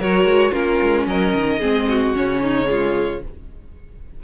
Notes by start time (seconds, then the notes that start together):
0.00 F#3 F#4 A#4 C#5
0.25 G#3
0.52 A#3 C#4 F4 A#4
0.83 G#3
1.07 F#3 A#4 D#5
1.34 D#3
1.60 G#3 C4 G#4
1.89 F#4
2.15 C#3 C#4 C#5
2.42 D#4
2.66 G#3 F4